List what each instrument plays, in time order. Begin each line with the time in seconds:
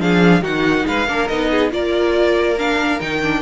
0.00 cello F3, viola D4, violin G#4 F5
0.42 cello D#3, viola D#4, violin F#4 F#5
0.87 cello G#3, violin B4 F5
1.08 cello A#3, viola D4, violin A#4
1.28 cello B3, viola D#4, violin D#5
1.51 violin G#4
1.71 cello A#3, viola F4, violin A#4 D5
2.58 viola D4, violin F5
3.00 cello D#3, viola D#4, violin G5
3.23 viola D4